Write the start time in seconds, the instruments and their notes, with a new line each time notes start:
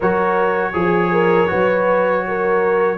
0.00 tuba F#3, trombone F#4, horn A#4, trumpet C#5
0.73 tuba F3, trombone G#4, horn G#4
1.12 horn A#4
1.47 tuba F#3, trombone F#4, horn B4
2.27 horn A#4